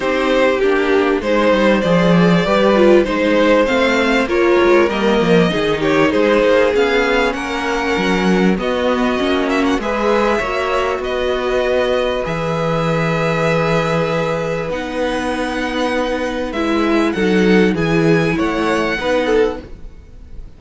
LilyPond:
<<
  \new Staff \with { instrumentName = "violin" } { \time 4/4 \tempo 4 = 98 c''4 g'4 c''4 d''4~ | d''4 c''4 f''4 cis''4 | dis''4. cis''8 c''4 f''4 | fis''2 dis''4. e''16 fis''16 |
e''2 dis''2 | e''1 | fis''2. e''4 | fis''4 gis''4 fis''2 | }
  \new Staff \with { instrumentName = "violin" } { \time 4/4 g'2 c''2 | b'4 c''2 ais'4~ | ais'4 gis'8 g'8 gis'2 | ais'2 fis'2 |
b'4 cis''4 b'2~ | b'1~ | b'1 | a'4 gis'4 cis''4 b'8 a'8 | }
  \new Staff \with { instrumentName = "viola" } { \time 4/4 dis'4 d'4 dis'4 gis'4 | g'8 f'8 dis'4 c'4 f'4 | ais4 dis'2 cis'4~ | cis'2 b4 cis'4 |
gis'4 fis'2. | gis'1 | dis'2. e'4 | dis'4 e'2 dis'4 | }
  \new Staff \with { instrumentName = "cello" } { \time 4/4 c'4 ais4 gis8 g8 f4 | g4 gis4 a4 ais8 gis8 | g8 f8 dis4 gis8 ais8 b4 | ais4 fis4 b4 ais4 |
gis4 ais4 b2 | e1 | b2. gis4 | fis4 e4 a4 b4 | }
>>